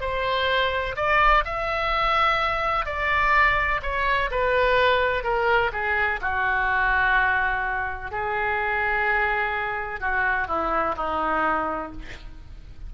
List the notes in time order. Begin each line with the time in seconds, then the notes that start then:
0.00 C5
0.96 D5
1.45 E5
2.85 D5
3.82 C#5
4.30 B4
5.23 A#4
5.72 G#4
6.21 F#4
8.11 G#4
10.00 F#4
10.47 E4
10.97 D#4